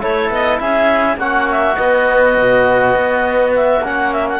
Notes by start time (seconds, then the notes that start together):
0.00 A3 E4 A4 C#5
0.30 B3 D#5
0.58 C#4 G#4 E5
1.17 A#3 C#4 F#4 F#5
1.51 E5
1.76 B3 D#5
2.37 B2
2.95 B3
3.56 E5
3.80 A#3 C#4 F#5
4.13 E5
4.29 F#5